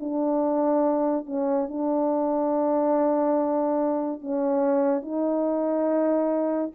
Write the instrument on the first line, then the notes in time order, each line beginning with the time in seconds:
horn
0.00 D4
1.26 C#4
1.68 D4
4.21 C#4
5.02 D#4